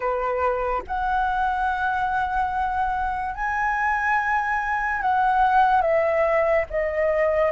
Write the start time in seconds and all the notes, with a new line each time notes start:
0.00 B4
0.87 F#5
3.34 G#5
5.01 F#5
5.81 E5
6.70 D#5